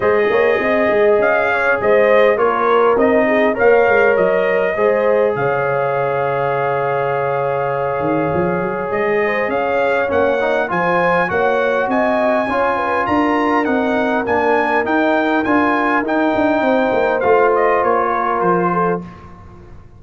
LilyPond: <<
  \new Staff \with { instrumentName = "trumpet" } { \time 4/4 \tempo 4 = 101 dis''2 f''4 dis''4 | cis''4 dis''4 f''4 dis''4~ | dis''4 f''2.~ | f''2. dis''4 |
f''4 fis''4 gis''4 fis''4 | gis''2 ais''4 fis''4 | gis''4 g''4 gis''4 g''4~ | g''4 f''8 dis''8 cis''4 c''4 | }
  \new Staff \with { instrumentName = "horn" } { \time 4/4 c''8 cis''8 dis''4. cis''8 c''4 | ais'4. gis'8 cis''2 | c''4 cis''2.~ | cis''2.~ cis''8 c''8 |
cis''2 c''4 cis''4 | dis''4 cis''8 b'8 ais'2~ | ais'1 | c''2~ c''8 ais'4 a'8 | }
  \new Staff \with { instrumentName = "trombone" } { \time 4/4 gis'1 | f'4 dis'4 ais'2 | gis'1~ | gis'1~ |
gis'4 cis'8 dis'8 f'4 fis'4~ | fis'4 f'2 dis'4 | d'4 dis'4 f'4 dis'4~ | dis'4 f'2. | }
  \new Staff \with { instrumentName = "tuba" } { \time 4/4 gis8 ais8 c'8 gis8 cis'4 gis4 | ais4 c'4 ais8 gis8 fis4 | gis4 cis2.~ | cis4. dis8 f8 fis8 gis4 |
cis'4 ais4 f4 ais4 | c'4 cis'4 d'4 c'4 | ais4 dis'4 d'4 dis'8 d'8 | c'8 ais8 a4 ais4 f4 | }
>>